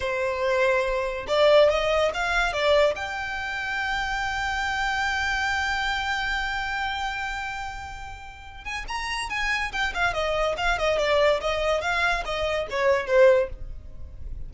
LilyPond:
\new Staff \with { instrumentName = "violin" } { \time 4/4 \tempo 4 = 142 c''2. d''4 | dis''4 f''4 d''4 g''4~ | g''1~ | g''1~ |
g''1~ | g''8 gis''8 ais''4 gis''4 g''8 f''8 | dis''4 f''8 dis''8 d''4 dis''4 | f''4 dis''4 cis''4 c''4 | }